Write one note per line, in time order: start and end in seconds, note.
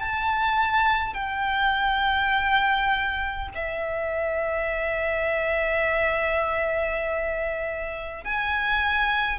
0.00 1.14 A5
1.14 3.49 G5
3.55 8.25 E5
8.25 9.39 G#5